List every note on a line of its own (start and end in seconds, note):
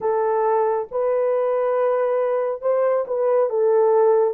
0.00 0.87 A4
0.91 2.61 B4
2.61 3.05 C5
3.07 3.49 B4
3.49 4.34 A4